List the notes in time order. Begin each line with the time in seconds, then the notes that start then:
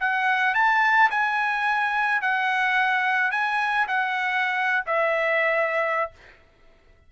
0.00 F#5
0.54 A5
1.10 G#5
2.21 F#5
3.31 G#5
3.87 F#5
4.86 E5